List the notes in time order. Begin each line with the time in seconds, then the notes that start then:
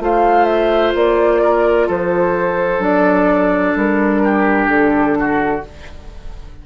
0.00 A3 F4 C5 F5
0.46 E5
0.95 A#3 D5
1.42 A#4
1.88 F3 A4 C5
2.79 F#3 D4 D5
3.76 G3 A#4
4.24 G4
4.68 D3 A4
5.19 F#4